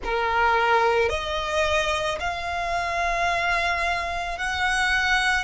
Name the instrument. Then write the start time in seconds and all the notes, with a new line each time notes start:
violin
0.03 A#4
1.09 D#5
2.20 F5
4.38 F#5